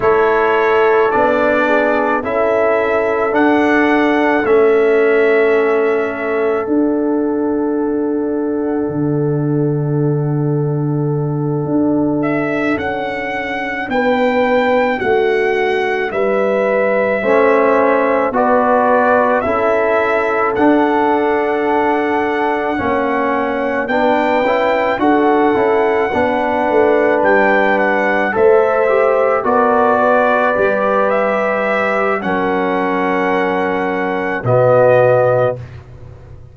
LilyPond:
<<
  \new Staff \with { instrumentName = "trumpet" } { \time 4/4 \tempo 4 = 54 cis''4 d''4 e''4 fis''4 | e''2 fis''2~ | fis''2. e''8 fis''8~ | fis''8 g''4 fis''4 e''4.~ |
e''8 d''4 e''4 fis''4.~ | fis''4. g''4 fis''4.~ | fis''8 g''8 fis''8 e''4 d''4. | e''4 fis''2 dis''4 | }
  \new Staff \with { instrumentName = "horn" } { \time 4/4 a'4. gis'8 a'2~ | a'1~ | a'1~ | a'8 b'4 fis'4 b'4 c''8~ |
c''8 b'4 a'2~ a'8~ | a'8 cis''4 b'4 a'4 b'8~ | b'4. c''4 ais'8 b'4~ | b'4 ais'2 fis'4 | }
  \new Staff \with { instrumentName = "trombone" } { \time 4/4 e'4 d'4 e'4 d'4 | cis'2 d'2~ | d'1~ | d'2.~ d'8 cis'8~ |
cis'8 fis'4 e'4 d'4.~ | d'8 cis'4 d'8 e'8 fis'8 e'8 d'8~ | d'4. a'8 g'8 fis'4 g'8~ | g'4 cis'2 b4 | }
  \new Staff \with { instrumentName = "tuba" } { \time 4/4 a4 b4 cis'4 d'4 | a2 d'2 | d2~ d8 d'4 cis'8~ | cis'8 b4 a4 g4 a8~ |
a8 b4 cis'4 d'4.~ | d'8 ais4 b8 cis'8 d'8 cis'8 b8 | a8 g4 a4 b4 g8~ | g4 fis2 b,4 | }
>>